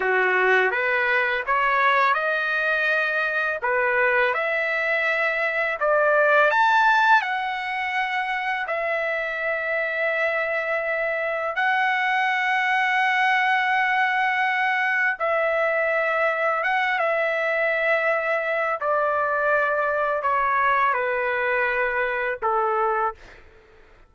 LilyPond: \new Staff \with { instrumentName = "trumpet" } { \time 4/4 \tempo 4 = 83 fis'4 b'4 cis''4 dis''4~ | dis''4 b'4 e''2 | d''4 a''4 fis''2 | e''1 |
fis''1~ | fis''4 e''2 fis''8 e''8~ | e''2 d''2 | cis''4 b'2 a'4 | }